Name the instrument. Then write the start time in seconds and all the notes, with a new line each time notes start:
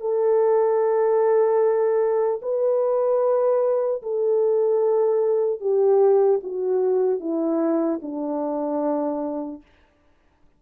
horn
0.00 A4
2.42 B4
4.02 A4
5.60 G4
6.43 F#4
7.20 E4
8.02 D4